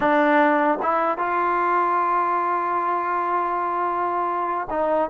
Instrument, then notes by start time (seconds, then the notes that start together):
trombone
0.00 D4
0.82 E4
1.18 F4
4.70 D#4